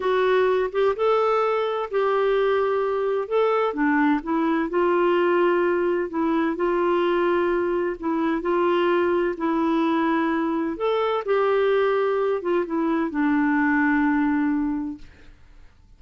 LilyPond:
\new Staff \with { instrumentName = "clarinet" } { \time 4/4 \tempo 4 = 128 fis'4. g'8 a'2 | g'2. a'4 | d'4 e'4 f'2~ | f'4 e'4 f'2~ |
f'4 e'4 f'2 | e'2. a'4 | g'2~ g'8 f'8 e'4 | d'1 | }